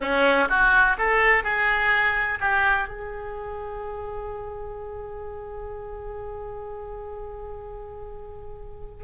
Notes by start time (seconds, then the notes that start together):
0.00 C#4
0.49 F#4
0.98 A4
1.43 G#4
2.40 G4
2.87 G#4